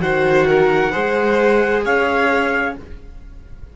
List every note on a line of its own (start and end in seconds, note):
0.00 0.91 D#3
0.00 0.91 F#4
0.00 0.47 C5
0.00 1.83 F#5
0.48 0.91 A#4
0.91 1.85 G#3
0.91 2.73 G#4
0.91 1.82 C5
1.84 2.76 C#4
1.84 2.76 C#5
1.84 2.75 F5